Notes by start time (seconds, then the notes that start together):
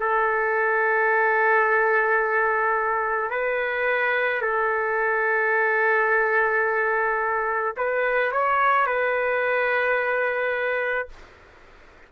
0.00 A4
3.31 B4
4.41 A4
7.77 B4
8.32 C#5
8.87 B4